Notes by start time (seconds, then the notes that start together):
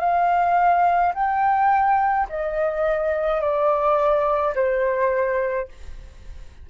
0.00 F5
1.14 G5
2.30 D#5
3.41 D5
4.55 C5